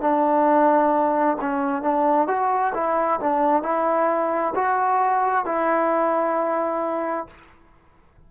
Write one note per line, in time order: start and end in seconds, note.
0.00 1.36 D4
1.40 1.82 C#4
1.82 2.27 D4
2.27 2.73 F#4
2.74 3.19 E4
3.20 3.62 D4
3.62 4.53 E4
4.55 5.45 F#4
5.45 7.27 E4